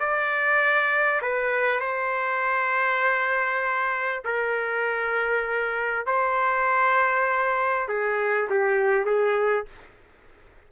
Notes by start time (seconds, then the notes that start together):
0.00 D5
1.22 B4
1.80 C5
4.25 A#4
6.06 C5
7.88 G#4
8.50 G4
9.06 G#4